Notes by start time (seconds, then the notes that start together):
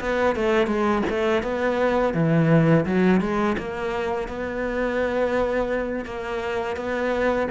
0.00 B3
0.36 A3
0.67 G#3
1.10 A3
1.43 B3
2.14 E3
2.86 F#3
3.21 G#3
3.58 A#3
4.28 B3
6.05 A#3
6.77 B3